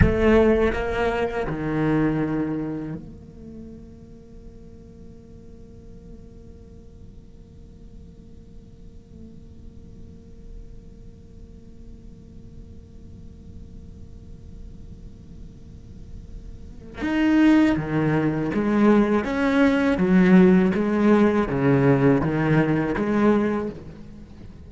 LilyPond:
\new Staff \with { instrumentName = "cello" } { \time 4/4 \tempo 4 = 81 a4 ais4 dis2 | ais1~ | ais1~ | ais1~ |
ais1~ | ais2. dis'4 | dis4 gis4 cis'4 fis4 | gis4 cis4 dis4 gis4 | }